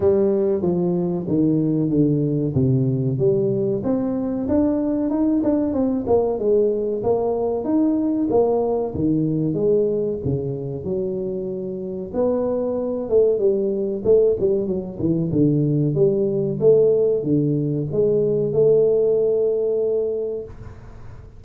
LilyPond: \new Staff \with { instrumentName = "tuba" } { \time 4/4 \tempo 4 = 94 g4 f4 dis4 d4 | c4 g4 c'4 d'4 | dis'8 d'8 c'8 ais8 gis4 ais4 | dis'4 ais4 dis4 gis4 |
cis4 fis2 b4~ | b8 a8 g4 a8 g8 fis8 e8 | d4 g4 a4 d4 | gis4 a2. | }